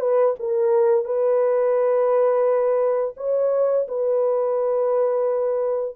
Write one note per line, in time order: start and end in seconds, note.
0.00 0.35 B4
0.39 1.05 A#4
1.05 3.14 B4
3.17 3.87 C#5
3.88 5.96 B4